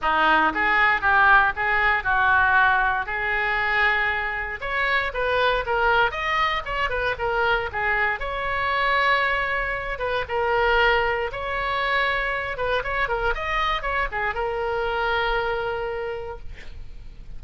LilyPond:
\new Staff \with { instrumentName = "oboe" } { \time 4/4 \tempo 4 = 117 dis'4 gis'4 g'4 gis'4 | fis'2 gis'2~ | gis'4 cis''4 b'4 ais'4 | dis''4 cis''8 b'8 ais'4 gis'4 |
cis''2.~ cis''8 b'8 | ais'2 cis''2~ | cis''8 b'8 cis''8 ais'8 dis''4 cis''8 gis'8 | ais'1 | }